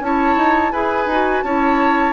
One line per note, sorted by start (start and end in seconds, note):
0.00 0.36 C#4
0.00 0.73 E4
0.00 0.72 C#5
0.00 0.72 A5
0.36 0.72 D#4
0.72 1.06 E4
0.72 1.09 G#4
0.72 1.44 B4
0.72 1.42 G#5
1.06 1.42 D#4
1.06 1.45 F#4
1.42 2.13 C#4
1.42 2.13 E4
1.42 2.13 C#5
1.42 2.13 A5